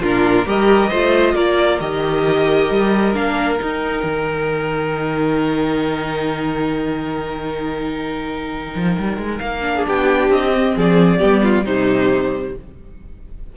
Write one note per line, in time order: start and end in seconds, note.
0.00 0.45 A#2
0.00 0.46 D4
0.00 0.47 F4
0.00 0.48 A#4
0.46 0.92 G3
0.46 0.90 G4
0.46 0.90 A#4
0.46 1.35 D#5
0.90 1.35 A3
0.90 1.80 F4
0.90 1.35 C5
1.35 1.79 A#3
1.35 9.75 A#4
1.35 1.80 D5
1.80 2.70 D#3
1.80 3.14 G4
1.80 3.15 D#5
2.71 3.15 G3
3.14 3.60 A#3
3.14 3.59 D4
3.14 3.60 F5
3.59 9.61 D#4
3.59 4.04 D#4
3.59 9.39 G5
4.04 8.74 D#3
8.76 8.98 F3
8.99 9.18 G3
9.18 9.40 G#3
9.39 9.86 A#3
9.39 9.84 F5
9.61 10.51 D4
9.76 9.87 G#4
9.87 10.29 B3
9.87 10.76 G4
9.87 10.32 G5
10.29 10.74 C4
10.29 10.77 D#5
10.55 11.19 C4
10.76 11.21 F3
10.76 11.19 G#4
10.76 11.66 D5
11.19 11.66 G3
11.19 11.64 B3
11.19 11.42 G4
11.43 11.65 F4
11.65 12.56 C3
11.65 12.57 G3
11.65 12.55 D#4
11.65 12.55 C5